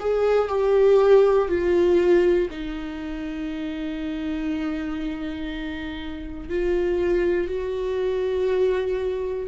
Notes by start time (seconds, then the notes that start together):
0.00 G#4
0.49 G4
1.49 F4
2.51 D#4
6.50 F4
7.48 F#4